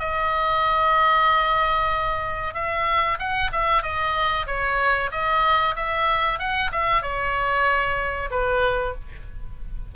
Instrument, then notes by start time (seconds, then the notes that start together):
oboe
0.00 D#5
2.55 E5
3.19 F#5
3.53 E5
3.83 D#5
4.47 C#5
5.12 D#5
5.76 E5
6.39 F#5
6.72 E5
7.03 C#5
8.31 B4